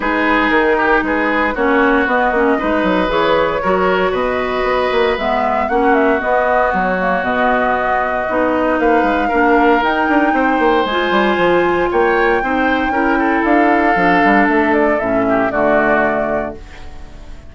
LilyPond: <<
  \new Staff \with { instrumentName = "flute" } { \time 4/4 \tempo 4 = 116 b'4 ais'4 b'4 cis''4 | dis''2 cis''2 | dis''2 e''4 fis''8 e''8 | dis''4 cis''4 dis''2~ |
dis''4 f''2 g''4~ | g''4 gis''2 g''4~ | g''2 f''2 | e''8 d''8 e''4 d''2 | }
  \new Staff \with { instrumentName = "oboe" } { \time 4/4 gis'4. g'8 gis'4 fis'4~ | fis'4 b'2 ais'4 | b'2. fis'4~ | fis'1~ |
fis'4 b'4 ais'2 | c''2. cis''4 | c''4 ais'8 a'2~ a'8~ | a'4. g'8 fis'2 | }
  \new Staff \with { instrumentName = "clarinet" } { \time 4/4 dis'2. cis'4 | b8 cis'8 dis'4 gis'4 fis'4~ | fis'2 b4 cis'4 | b4. ais8 b2 |
dis'2 d'4 dis'4~ | dis'4 f'2. | dis'4 e'2 d'4~ | d'4 cis'4 a2 | }
  \new Staff \with { instrumentName = "bassoon" } { \time 4/4 gis4 dis4 gis4 ais4 | b8 ais8 gis8 fis8 e4 fis4 | b,4 b8 ais8 gis4 ais4 | b4 fis4 b,2 |
b4 ais8 gis8 ais4 dis'8 d'8 | c'8 ais8 gis8 g8 f4 ais4 | c'4 cis'4 d'4 f8 g8 | a4 a,4 d2 | }
>>